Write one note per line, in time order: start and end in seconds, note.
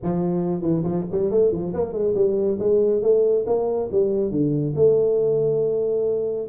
0.02 0.61 F3
0.61 0.83 E3
0.83 1.05 F3
1.11 1.30 G3
1.30 1.51 A3
1.51 1.73 F3
1.73 1.92 A#3
1.92 2.14 G#3
2.15 2.58 G3
2.59 3.02 G#3
3.02 3.45 A3
3.46 3.89 A#3
3.91 4.30 G3
4.30 4.74 D3
4.75 6.48 A3